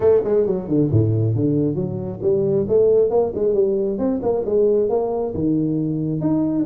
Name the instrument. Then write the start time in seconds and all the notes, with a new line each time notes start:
tuba
0.00 A3
0.24 G#3
0.46 F#3
0.67 D3
0.91 A2
1.35 D3
1.75 F#3
2.22 G3
2.68 A3
3.10 A#3
3.34 G#3
3.54 G3
3.98 C4
4.22 A#3
4.45 G#3
4.89 A#3
5.34 D#3
6.20 D#4